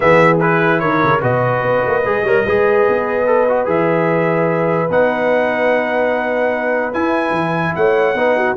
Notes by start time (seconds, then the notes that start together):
0.00 E3 B3 G#4 E5
0.39 E4 B4
0.79 D#3 A#4 C#5
1.03 C#3
1.20 B2 F#4 B4 D#5
1.61 B3
1.86 A#3
2.05 G#3 G#4
2.23 G3 A#4 C#5
2.45 G#3 G#4 B4
2.88 B3
3.26 A4
3.48 F#4
3.65 E3 G#4 E5
4.89 B3 D#4 F#5
6.93 E4 G#5
7.30 E3
7.75 A3 C#5 F#5
8.14 B3 D#4 B4
8.37 F#4